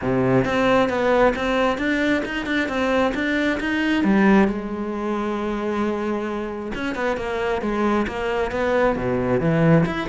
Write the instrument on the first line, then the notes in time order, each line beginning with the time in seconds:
cello
0.01 C3
0.45 C4
0.89 B3
1.35 C4
1.78 D4
2.25 D#4
2.46 D4
2.68 C4
3.14 D4
3.60 D#4
4.04 G3
4.48 G#3
6.74 C#4
6.95 B3
7.16 A#3
7.61 G#3
8.07 A#3
8.51 B3
8.96 B2
9.40 E3
9.85 E4